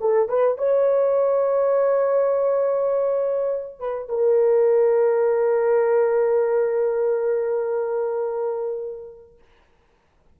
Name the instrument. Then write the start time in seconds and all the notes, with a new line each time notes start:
horn
0.00 A4
0.28 B4
0.57 C#5
3.79 B4
4.08 A#4